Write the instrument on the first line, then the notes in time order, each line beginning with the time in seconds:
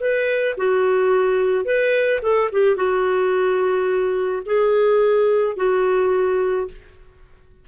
clarinet
0.00 B4
0.57 F#4
1.65 B4
2.22 A4
2.52 G4
2.76 F#4
4.46 G#4
5.56 F#4